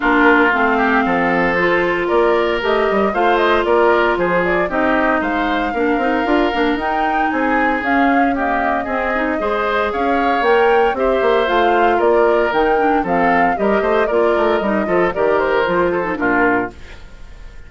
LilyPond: <<
  \new Staff \with { instrumentName = "flute" } { \time 4/4 \tempo 4 = 115 ais'4 f''2 c''4 | d''4 dis''4 f''8 dis''8 d''4 | c''8 d''8 dis''4 f''2~ | f''4 g''4 gis''4 f''4 |
dis''2. f''4 | g''4 e''4 f''4 d''4 | g''4 f''4 dis''4 d''4 | dis''4 d''8 c''4. ais'4 | }
  \new Staff \with { instrumentName = "oboe" } { \time 4/4 f'4. g'8 a'2 | ais'2 c''4 ais'4 | gis'4 g'4 c''4 ais'4~ | ais'2 gis'2 |
g'4 gis'4 c''4 cis''4~ | cis''4 c''2 ais'4~ | ais'4 a'4 ais'8 c''8 ais'4~ | ais'8 a'8 ais'4. a'8 f'4 | }
  \new Staff \with { instrumentName = "clarinet" } { \time 4/4 d'4 c'2 f'4~ | f'4 g'4 f'2~ | f'4 dis'2 d'8 dis'8 | f'8 d'8 dis'2 cis'4 |
ais4 c'8 dis'8 gis'2 | ais'4 g'4 f'2 | dis'8 d'8 c'4 g'4 f'4 | dis'8 f'8 g'4 f'8. dis'16 d'4 | }
  \new Staff \with { instrumentName = "bassoon" } { \time 4/4 ais4 a4 f2 | ais4 a8 g8 a4 ais4 | f4 c'4 gis4 ais8 c'8 | d'8 ais8 dis'4 c'4 cis'4~ |
cis'4 c'4 gis4 cis'4 | ais4 c'8 ais8 a4 ais4 | dis4 f4 g8 a8 ais8 a8 | g8 f8 dis4 f4 ais,4 | }
>>